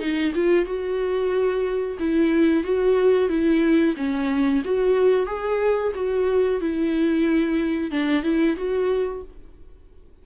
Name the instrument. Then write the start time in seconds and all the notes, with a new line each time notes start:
viola
0.00 D#4
0.35 F4
0.66 F#4
2.00 E4
2.64 F#4
3.30 E4
3.97 C#4
4.65 F#4
5.27 G#4
5.96 F#4
6.61 E4
7.91 D4
8.24 E4
8.57 F#4